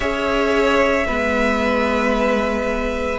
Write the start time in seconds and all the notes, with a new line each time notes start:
0.00 C#4 G#4 C#5 E5
1.06 G#3 B3 B4